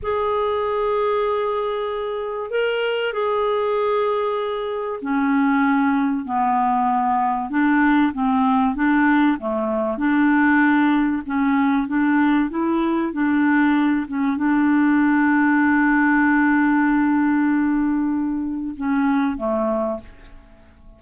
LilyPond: \new Staff \with { instrumentName = "clarinet" } { \time 4/4 \tempo 4 = 96 gis'1 | ais'4 gis'2. | cis'2 b2 | d'4 c'4 d'4 a4 |
d'2 cis'4 d'4 | e'4 d'4. cis'8 d'4~ | d'1~ | d'2 cis'4 a4 | }